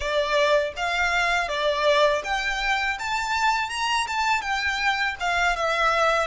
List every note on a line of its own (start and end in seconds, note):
0.00 0.73 D5
0.76 1.48 F5
1.48 2.22 D5
2.24 2.98 G5
2.98 3.69 A5
3.69 4.06 A#5
4.07 4.41 A5
4.41 5.15 G5
5.20 5.56 F5
5.56 6.27 E5